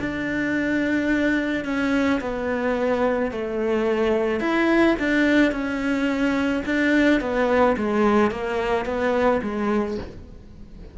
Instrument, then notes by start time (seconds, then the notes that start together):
cello
0.00 D4
1.65 C#4
2.21 B3
3.32 A3
4.41 E4
4.99 D4
5.52 C#4
6.66 D4
7.21 B3
7.77 G#3
8.32 A#3
8.86 B3
9.43 G#3